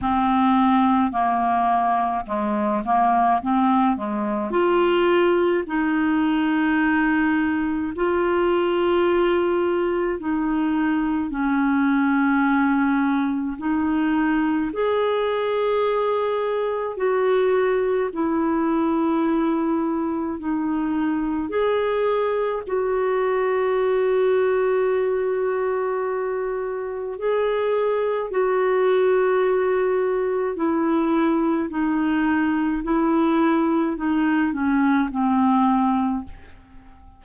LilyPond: \new Staff \with { instrumentName = "clarinet" } { \time 4/4 \tempo 4 = 53 c'4 ais4 gis8 ais8 c'8 gis8 | f'4 dis'2 f'4~ | f'4 dis'4 cis'2 | dis'4 gis'2 fis'4 |
e'2 dis'4 gis'4 | fis'1 | gis'4 fis'2 e'4 | dis'4 e'4 dis'8 cis'8 c'4 | }